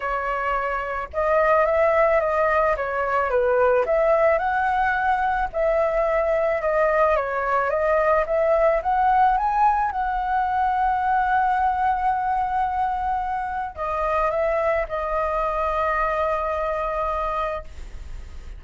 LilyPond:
\new Staff \with { instrumentName = "flute" } { \time 4/4 \tempo 4 = 109 cis''2 dis''4 e''4 | dis''4 cis''4 b'4 e''4 | fis''2 e''2 | dis''4 cis''4 dis''4 e''4 |
fis''4 gis''4 fis''2~ | fis''1~ | fis''4 dis''4 e''4 dis''4~ | dis''1 | }